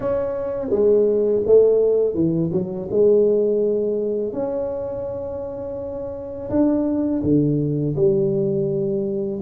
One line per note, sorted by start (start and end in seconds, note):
0.00 0.69 C#4
0.69 1.42 G#3
1.46 2.14 A3
2.14 2.50 E3
2.52 2.88 F#3
2.90 4.32 G#3
4.32 6.49 C#4
6.50 7.22 D4
7.23 7.95 D3
7.96 9.40 G3